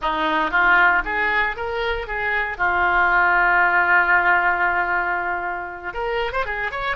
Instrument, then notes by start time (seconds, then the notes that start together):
oboe
0.01 D#4
0.50 F4
1.05 G#4
1.56 A#4
2.07 G#4
2.57 F4
5.93 A#4
6.32 C5
6.45 G#4
6.71 C#5